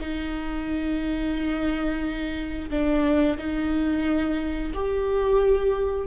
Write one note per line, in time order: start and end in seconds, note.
0.00 2.70 D#4
2.70 3.37 D4
3.37 4.72 D#4
4.74 6.06 G4